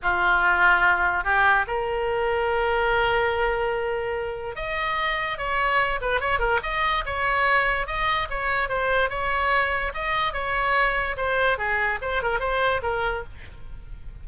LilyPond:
\new Staff \with { instrumentName = "oboe" } { \time 4/4 \tempo 4 = 145 f'2. g'4 | ais'1~ | ais'2. dis''4~ | dis''4 cis''4. b'8 cis''8 ais'8 |
dis''4 cis''2 dis''4 | cis''4 c''4 cis''2 | dis''4 cis''2 c''4 | gis'4 c''8 ais'8 c''4 ais'4 | }